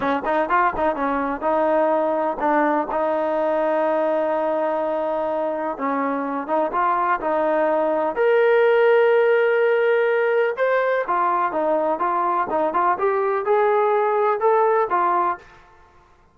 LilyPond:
\new Staff \with { instrumentName = "trombone" } { \time 4/4 \tempo 4 = 125 cis'8 dis'8 f'8 dis'8 cis'4 dis'4~ | dis'4 d'4 dis'2~ | dis'1 | cis'4. dis'8 f'4 dis'4~ |
dis'4 ais'2.~ | ais'2 c''4 f'4 | dis'4 f'4 dis'8 f'8 g'4 | gis'2 a'4 f'4 | }